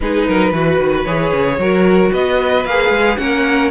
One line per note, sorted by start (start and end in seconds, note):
0.00 0.27 G#3
0.00 0.53 D#4
0.00 0.28 G#4
0.00 1.04 B4
0.28 0.52 F#3
0.28 0.51 A#4
0.51 0.78 E3
0.51 1.06 F#4
0.51 1.57 B4
0.79 1.05 D#3
1.04 1.32 E3
1.04 1.59 G#4
1.04 2.11 C#5
1.32 1.57 C#3
1.57 2.11 F#3
1.57 2.66 F#4
1.57 2.11 A#4
2.11 2.65 B3
2.11 3.17 B4
2.11 2.65 D#5
2.65 2.90 A#3
2.65 3.18 G#4
2.65 3.17 F5
2.90 3.16 G#3
3.17 3.70 A#3
3.17 3.70 C#4
3.17 3.70 A#4
3.17 3.70 F#5